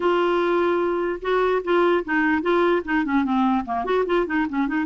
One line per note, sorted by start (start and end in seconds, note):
0.00 1.20 F4
1.21 1.62 F#4
1.63 2.04 F4
2.05 2.41 D#4
2.41 2.82 F4
2.84 3.04 D#4
3.05 3.24 C#4
3.24 3.64 C4
3.65 3.84 A#3
3.84 4.04 F#4
4.06 4.26 F4
4.26 4.46 D#4
4.49 4.67 C#4
4.67 4.85 D#4